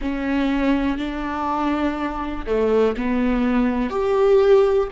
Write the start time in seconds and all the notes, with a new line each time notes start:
0.00 C#4
0.97 D4
2.46 A3
2.96 B3
3.89 G4